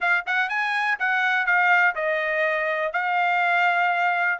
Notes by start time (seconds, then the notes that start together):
0.00 F5
0.26 F#5
0.49 G#5
0.99 F#5
1.46 F5
1.95 D#5
2.92 F5